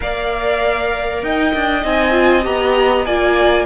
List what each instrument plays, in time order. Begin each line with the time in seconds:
0.00 cello A#3, viola A#4, violin D5 F5
1.22 cello D#4, violin D#5 G5
1.54 cello D4
1.81 cello C4, viola D#4, violin G#5
2.11 viola F4
2.43 cello B3, viola G4, violin A#5
3.05 cello A#3, viola F4, violin D5 G#5